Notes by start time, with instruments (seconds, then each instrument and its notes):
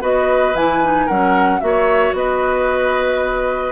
0.00 bassoon B3, clarinet F#4, oboe B4, flute D#5
0.54 bassoon E3, clarinet E4, flute G#5
0.83 clarinet D#4
1.06 bassoon F#3, clarinet C#4, oboe A#4, flute F#5
1.60 bassoon A#3, clarinet F#4, flute E5
1.66 oboe C#5
2.13 bassoon B3, oboe B4, flute D#5